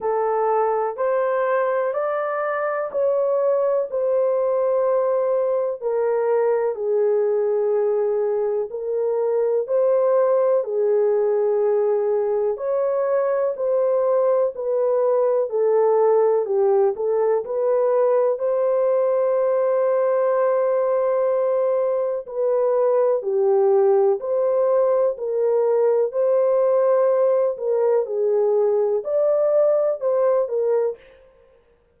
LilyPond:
\new Staff \with { instrumentName = "horn" } { \time 4/4 \tempo 4 = 62 a'4 c''4 d''4 cis''4 | c''2 ais'4 gis'4~ | gis'4 ais'4 c''4 gis'4~ | gis'4 cis''4 c''4 b'4 |
a'4 g'8 a'8 b'4 c''4~ | c''2. b'4 | g'4 c''4 ais'4 c''4~ | c''8 ais'8 gis'4 d''4 c''8 ais'8 | }